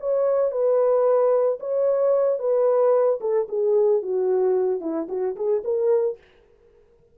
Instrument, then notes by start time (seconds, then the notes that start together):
horn
0.00 C#5
0.51 B4
1.60 C#5
2.39 B4
3.21 A4
3.49 G#4
4.02 F#4
4.81 E4
5.09 F#4
5.36 G#4
5.64 A#4